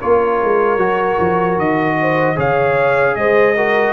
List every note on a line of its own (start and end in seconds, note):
0.00 0.42 A#3
0.00 0.79 F4
0.00 1.97 A#4
0.00 1.59 C#5
0.43 0.77 G#3
0.77 1.17 F#3
0.77 2.36 F#4
1.19 1.58 F3
1.58 2.37 D#3
1.58 2.38 D#5
2.01 2.35 C5
2.35 3.16 C#3
2.35 3.54 G#4
2.35 3.14 C#5
2.35 3.16 F5
3.16 3.93 G#3
3.16 3.56 C5
3.16 3.93 D#5
3.56 3.93 F#4
3.56 3.93 A#4